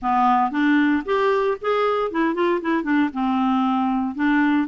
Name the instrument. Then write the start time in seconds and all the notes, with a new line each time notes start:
clarinet
0.01 B3
0.51 D4
1.05 G4
1.61 G#4
2.11 E4
2.34 F4
2.61 E4
2.83 D4
3.13 C4
4.15 D4